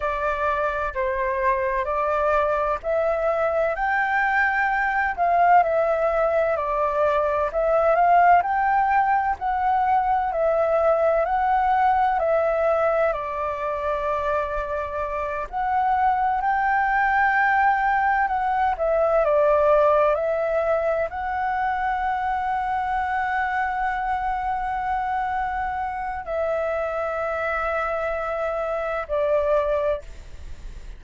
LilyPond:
\new Staff \with { instrumentName = "flute" } { \time 4/4 \tempo 4 = 64 d''4 c''4 d''4 e''4 | g''4. f''8 e''4 d''4 | e''8 f''8 g''4 fis''4 e''4 | fis''4 e''4 d''2~ |
d''8 fis''4 g''2 fis''8 | e''8 d''4 e''4 fis''4.~ | fis''1 | e''2. d''4 | }